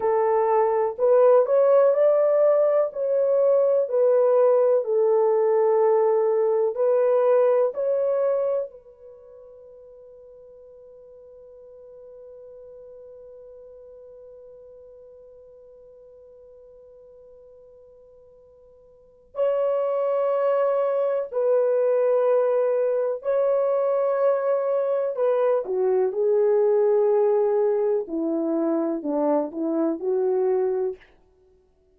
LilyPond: \new Staff \with { instrumentName = "horn" } { \time 4/4 \tempo 4 = 62 a'4 b'8 cis''8 d''4 cis''4 | b'4 a'2 b'4 | cis''4 b'2.~ | b'1~ |
b'1 | cis''2 b'2 | cis''2 b'8 fis'8 gis'4~ | gis'4 e'4 d'8 e'8 fis'4 | }